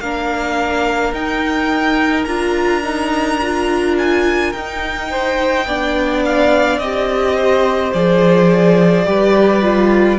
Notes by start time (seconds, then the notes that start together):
0.00 A#3 D4 A#4 F5
1.13 D#4 G5
2.25 D4 F4 A#5
2.83 D#4
3.42 F4
3.98 G#5
4.53 D#4 G5
5.10 C5
5.66 B3 D4 D5
6.25 F5
6.79 C4 G4 D#5
7.36 C5
7.94 F3 G#4 D5
9.06 G3 G4 B4
9.62 F4